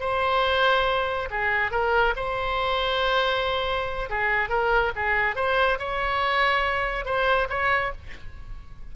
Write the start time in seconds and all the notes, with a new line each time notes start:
0.00 C5
1.30 G#4
1.71 A#4
2.16 C5
4.09 G#4
4.49 A#4
4.95 G#4
5.36 C5
5.78 C#5
7.05 C5
7.49 C#5